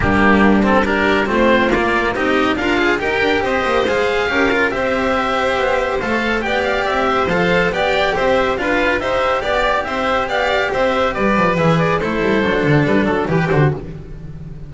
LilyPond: <<
  \new Staff \with { instrumentName = "oboe" } { \time 4/4 \tempo 4 = 140 g'4. a'8 ais'4 c''4 | d''4 dis''4 f''4 g''4 | dis''4 f''2 e''4~ | e''2 f''4 g''8 f''8 |
e''4 f''4 g''4 e''4 | f''4 e''4 d''4 e''4 | f''4 e''4 d''4 e''8 d''8 | c''2 b'8 a'8 b'8 c''8 | }
  \new Staff \with { instrumentName = "violin" } { \time 4/4 d'2 g'4 f'4~ | f'4 g'4 f'4 ais'4 | c''2 ais'4 c''4~ | c''2. d''4~ |
d''8 c''4. d''4 c''4 | b'4 c''4 d''4 c''4 | d''4 c''4 b'2 | a'2. g'4 | }
  \new Staff \with { instrumentName = "cello" } { \time 4/4 ais4. c'8 d'4 c'4 | ais4 dis'4 ais'8 gis'8 g'4~ | g'4 gis'4 g'8 f'8 g'4~ | g'2 a'4 g'4~ |
g'4 a'4 g'2 | f'4 g'2.~ | g'2. gis'4 | e'4 d'2 g'8 fis'8 | }
  \new Staff \with { instrumentName = "double bass" } { \time 4/4 g2. a4 | ais4 c'4 d'4 dis'8 d'8 | c'8 ais8 gis4 cis'4 c'4~ | c'4 b4 a4 b4 |
c'4 f4 b4 c'4 | d'4 dis'4 b4 c'4 | b4 c'4 g8 f8 e4 | a8 g8 fis8 d8 g8 fis8 e8 d8 | }
>>